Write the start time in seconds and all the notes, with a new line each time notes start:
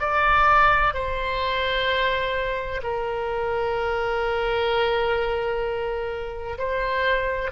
0.00 D5
0.94 C5
2.83 A#4
6.58 C5